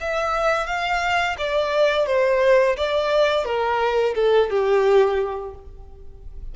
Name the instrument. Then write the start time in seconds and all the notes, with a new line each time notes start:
violin
0.00 E5
0.66 F5
1.38 D5
2.06 C5
2.77 D5
3.44 A#4
4.15 A4
4.50 G4